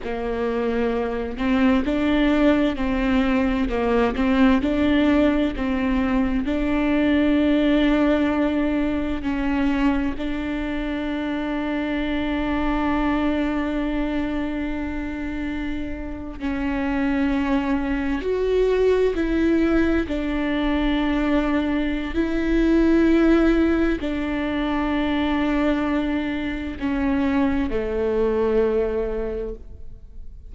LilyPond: \new Staff \with { instrumentName = "viola" } { \time 4/4 \tempo 4 = 65 ais4. c'8 d'4 c'4 | ais8 c'8 d'4 c'4 d'4~ | d'2 cis'4 d'4~ | d'1~ |
d'4.~ d'16 cis'2 fis'16~ | fis'8. e'4 d'2~ d'16 | e'2 d'2~ | d'4 cis'4 a2 | }